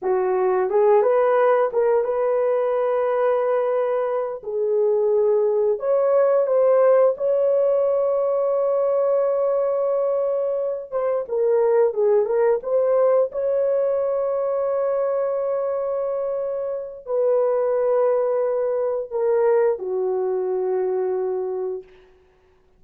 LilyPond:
\new Staff \with { instrumentName = "horn" } { \time 4/4 \tempo 4 = 88 fis'4 gis'8 b'4 ais'8 b'4~ | b'2~ b'8 gis'4.~ | gis'8 cis''4 c''4 cis''4.~ | cis''1 |
c''8 ais'4 gis'8 ais'8 c''4 cis''8~ | cis''1~ | cis''4 b'2. | ais'4 fis'2. | }